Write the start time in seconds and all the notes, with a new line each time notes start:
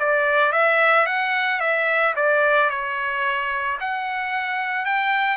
0.00 D5
0.53 E5
1.07 F#5
1.61 E5
2.16 D5
2.71 C#5
3.81 F#5
4.86 G5